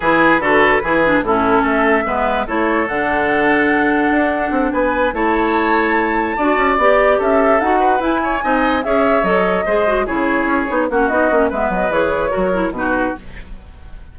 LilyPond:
<<
  \new Staff \with { instrumentName = "flute" } { \time 4/4 \tempo 4 = 146 b'2. a'4 | e''2 cis''4 fis''4~ | fis''2.~ fis''8 gis''8~ | gis''8 a''2.~ a''8~ |
a''8 d''4 e''4 fis''4 gis''8~ | gis''4. e''4 dis''4.~ | dis''8 cis''2 fis''8 dis''4 | e''8 dis''8 cis''2 b'4 | }
  \new Staff \with { instrumentName = "oboe" } { \time 4/4 gis'4 a'4 gis'4 e'4 | a'4 b'4 a'2~ | a'2.~ a'8 b'8~ | b'8 cis''2. d''8~ |
d''4. a'4. b'4 | cis''8 dis''4 cis''2 c''8~ | c''8 gis'2 fis'4. | b'2 ais'4 fis'4 | }
  \new Staff \with { instrumentName = "clarinet" } { \time 4/4 e'4 fis'4 e'8 d'8 cis'4~ | cis'4 b4 e'4 d'4~ | d'1~ | d'8 e'2. fis'8~ |
fis'8 g'2 fis'4 e'8~ | e'8 dis'4 gis'4 a'4 gis'8 | fis'8 e'4. dis'8 cis'8 dis'8 cis'8 | b4 gis'4 fis'8 e'8 dis'4 | }
  \new Staff \with { instrumentName = "bassoon" } { \time 4/4 e4 d4 e4 a,4 | a4 gis4 a4 d4~ | d2 d'4 c'8 b8~ | b8 a2. d'8 |
cis'8 b4 cis'4 dis'4 e'8~ | e'8 c'4 cis'4 fis4 gis8~ | gis8 cis4 cis'8 b8 ais8 b8 ais8 | gis8 fis8 e4 fis4 b,4 | }
>>